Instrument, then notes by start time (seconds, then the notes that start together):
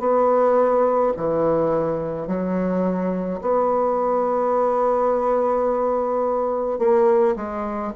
bassoon
0.00 B3
1.17 E3
2.27 F#3
3.41 B3
6.79 A#3
7.36 G#3